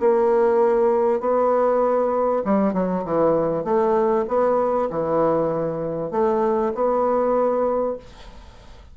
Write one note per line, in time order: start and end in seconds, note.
0.00 1.21 A#3
1.21 2.43 B3
2.45 2.74 G3
2.74 3.04 F#3
3.05 3.64 E3
3.64 4.26 A3
4.28 4.89 B3
4.90 6.11 E3
6.11 6.73 A3
6.75 7.97 B3